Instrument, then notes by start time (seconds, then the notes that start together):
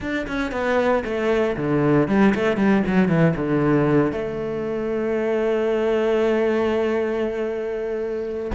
cello
0.00 D4
0.27 C#4
0.51 B3
1.04 A3
1.57 D3
2.08 G3
2.35 A3
2.56 G3
2.86 F#3
3.08 E3
3.36 D3
4.11 A3